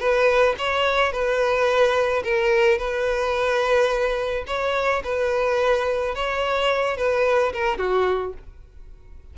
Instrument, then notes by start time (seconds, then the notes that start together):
violin
0.00 B4
0.59 C#5
1.12 B4
2.24 A#4
2.79 B4
4.47 C#5
5.04 B4
6.15 C#5
6.97 B4
7.54 A#4
7.78 F#4